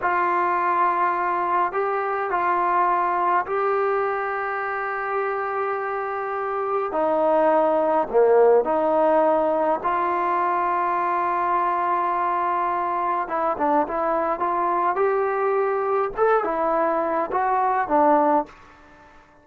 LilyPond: \new Staff \with { instrumentName = "trombone" } { \time 4/4 \tempo 4 = 104 f'2. g'4 | f'2 g'2~ | g'1 | dis'2 ais4 dis'4~ |
dis'4 f'2.~ | f'2. e'8 d'8 | e'4 f'4 g'2 | a'8 e'4. fis'4 d'4 | }